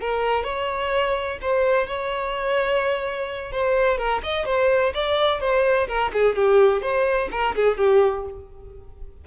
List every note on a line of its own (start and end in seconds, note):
0.00 0.43 A#4
0.43 1.38 C#5
1.41 1.87 C5
1.87 3.52 C#5
3.52 3.97 C5
3.97 4.21 A#4
4.23 4.45 D#5
4.45 4.92 C5
4.94 5.40 D5
5.40 5.87 C5
5.88 6.11 A#4
6.12 6.35 G#4
6.35 6.81 G4
6.81 7.28 C5
7.31 7.55 A#4
7.55 7.77 G#4
7.77 8.24 G4